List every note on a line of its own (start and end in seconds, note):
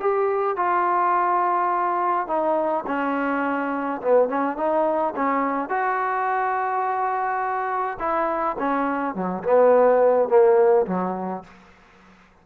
0.00 0.57 G4
0.57 2.27 F4
2.27 2.85 D#4
2.87 4.01 C#4
4.02 4.29 B3
4.29 4.57 C#4
4.57 5.14 D#4
5.16 5.69 C#4
5.69 7.98 F#4
7.99 8.56 E4
8.59 9.15 C#4
9.15 9.43 F#3
9.44 10.29 B3
10.29 10.86 A#3
10.86 11.44 F#3